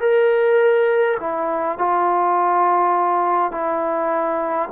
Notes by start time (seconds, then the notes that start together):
0.00 A#4
1.19 E4
1.78 F4
3.51 E4